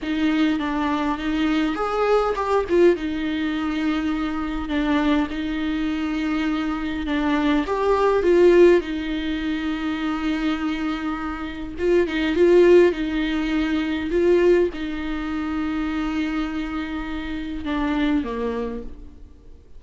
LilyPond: \new Staff \with { instrumentName = "viola" } { \time 4/4 \tempo 4 = 102 dis'4 d'4 dis'4 gis'4 | g'8 f'8 dis'2. | d'4 dis'2. | d'4 g'4 f'4 dis'4~ |
dis'1 | f'8 dis'8 f'4 dis'2 | f'4 dis'2.~ | dis'2 d'4 ais4 | }